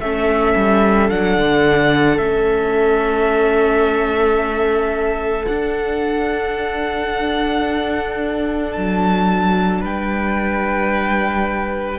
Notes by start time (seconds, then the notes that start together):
0.00 A3 C#4 A4 E5
0.56 G3
1.10 F#3 D4 F#5
1.37 D3
2.18 A3 C#4 E5
5.46 D4 F#5
8.72 F#3 A5
9.81 G3 B4 G5